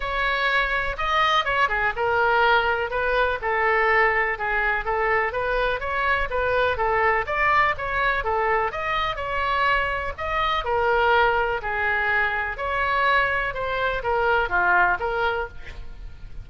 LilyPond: \new Staff \with { instrumentName = "oboe" } { \time 4/4 \tempo 4 = 124 cis''2 dis''4 cis''8 gis'8 | ais'2 b'4 a'4~ | a'4 gis'4 a'4 b'4 | cis''4 b'4 a'4 d''4 |
cis''4 a'4 dis''4 cis''4~ | cis''4 dis''4 ais'2 | gis'2 cis''2 | c''4 ais'4 f'4 ais'4 | }